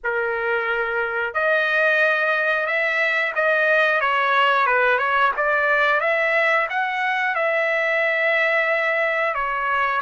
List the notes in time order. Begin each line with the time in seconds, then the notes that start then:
0.03 A#4
1.34 D#5
2.66 E5
3.35 D#5
4.01 C#5
4.66 B4
4.98 C#5
5.36 D5
6.00 E5
6.69 F#5
7.35 E5
9.34 C#5